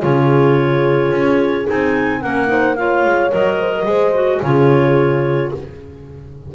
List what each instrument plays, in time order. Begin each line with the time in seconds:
0.00 double bass C#3, clarinet F4 C#5, horn G#4
1.11 double bass C#4
1.65 double bass C4, clarinet D#4 G#5
2.21 double bass A#3, clarinet C#4 F#5, horn A#4
2.46 clarinet D#4, horn C5
2.75 clarinet F4 F5, horn C#5
3.05 double bass G#3
3.29 double bass F#3, clarinet A#4 D#5
3.59 horn C5
3.75 horn A#4
3.83 double bass G#3, clarinet G#4, horn C5
4.14 clarinet F#4
4.39 double bass C#3, clarinet F4 C#5, horn G#4